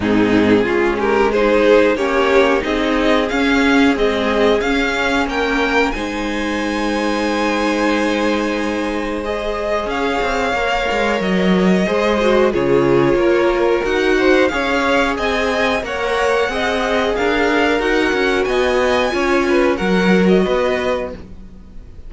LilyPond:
<<
  \new Staff \with { instrumentName = "violin" } { \time 4/4 \tempo 4 = 91 gis'4. ais'8 c''4 cis''4 | dis''4 f''4 dis''4 f''4 | g''4 gis''2.~ | gis''2 dis''4 f''4~ |
f''4 dis''2 cis''4~ | cis''4 fis''4 f''4 gis''4 | fis''2 f''4 fis''4 | gis''2 fis''8. dis''4~ dis''16 | }
  \new Staff \with { instrumentName = "violin" } { \time 4/4 dis'4 f'8 g'8 gis'4 g'4 | gis'1 | ais'4 c''2.~ | c''2. cis''4~ |
cis''2 c''4 gis'4 | ais'4. c''8 cis''4 dis''4 | cis''4 dis''4 ais'2 | dis''4 cis''8 b'8 ais'4 b'4 | }
  \new Staff \with { instrumentName = "viola" } { \time 4/4 c'4 cis'4 dis'4 cis'4 | dis'4 cis'4 gis4 cis'4~ | cis'4 dis'2.~ | dis'2 gis'2 |
ais'2 gis'8 fis'8 f'4~ | f'4 fis'4 gis'2 | ais'4 gis'2 fis'4~ | fis'4 f'4 fis'2 | }
  \new Staff \with { instrumentName = "cello" } { \time 4/4 gis,4 gis2 ais4 | c'4 cis'4 c'4 cis'4 | ais4 gis2.~ | gis2. cis'8 c'8 |
ais8 gis8 fis4 gis4 cis4 | ais4 dis'4 cis'4 c'4 | ais4 c'4 d'4 dis'8 cis'8 | b4 cis'4 fis4 b4 | }
>>